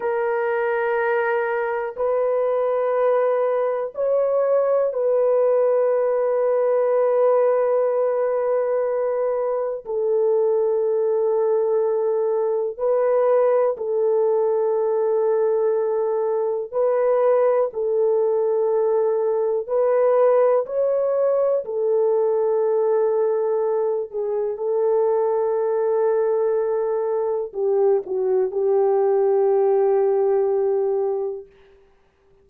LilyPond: \new Staff \with { instrumentName = "horn" } { \time 4/4 \tempo 4 = 61 ais'2 b'2 | cis''4 b'2.~ | b'2 a'2~ | a'4 b'4 a'2~ |
a'4 b'4 a'2 | b'4 cis''4 a'2~ | a'8 gis'8 a'2. | g'8 fis'8 g'2. | }